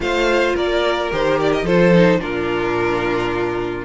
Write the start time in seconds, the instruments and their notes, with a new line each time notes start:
0.00 cello A3, viola F4, violin C5 F5
0.55 cello A#3, violin A#4 D5
1.10 cello D#3, viola G4, violin C5
1.40 violin D5
1.52 violin D#5
1.62 cello F3, viola F4, violin A4 C5
1.93 viola D#4
2.19 cello A#2, viola D4, violin F4 A#4